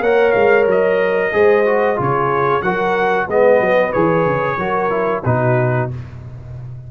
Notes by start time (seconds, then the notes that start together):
0.00 A#3 A#4 C#5 F#5
0.32 G#3 F5
0.66 F#3 D#5
1.32 G#3 G#4 C5
1.65 F#4
1.96 C#3 F4 G#4 C#5
2.62 F#3 F#4 A#4 F#5
3.26 G#3 B3 B4 D#5
3.60 F#3
3.92 E3 G#4 C#5
4.26 C#3
4.57 F#3 F#4 A#4
4.90 E4
5.24 B2 D#4 F#4 B4